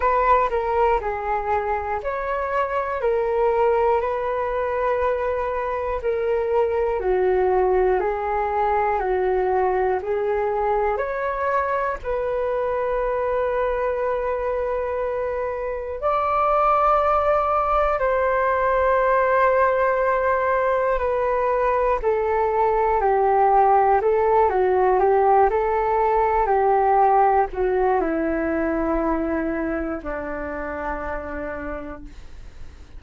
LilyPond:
\new Staff \with { instrumentName = "flute" } { \time 4/4 \tempo 4 = 60 b'8 ais'8 gis'4 cis''4 ais'4 | b'2 ais'4 fis'4 | gis'4 fis'4 gis'4 cis''4 | b'1 |
d''2 c''2~ | c''4 b'4 a'4 g'4 | a'8 fis'8 g'8 a'4 g'4 fis'8 | e'2 d'2 | }